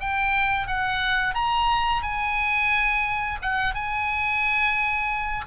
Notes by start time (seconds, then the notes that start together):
0.00 G5
0.67 F#5
1.35 A#5
2.03 G#5
3.42 F#5
3.75 G#5